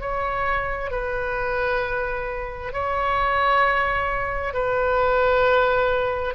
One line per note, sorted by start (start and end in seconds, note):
0.00 0.90 C#5
0.90 2.72 B4
2.72 4.53 C#5
4.53 6.34 B4